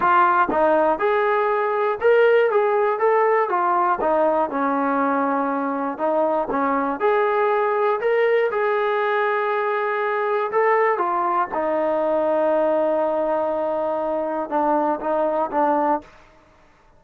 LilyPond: \new Staff \with { instrumentName = "trombone" } { \time 4/4 \tempo 4 = 120 f'4 dis'4 gis'2 | ais'4 gis'4 a'4 f'4 | dis'4 cis'2. | dis'4 cis'4 gis'2 |
ais'4 gis'2.~ | gis'4 a'4 f'4 dis'4~ | dis'1~ | dis'4 d'4 dis'4 d'4 | }